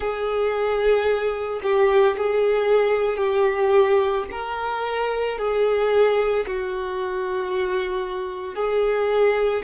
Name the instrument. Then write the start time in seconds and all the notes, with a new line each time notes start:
violin
0.00 G#4
1.62 G4
2.17 G#4
3.17 G4
4.31 A#4
5.38 G#4
6.46 F#4
8.55 G#4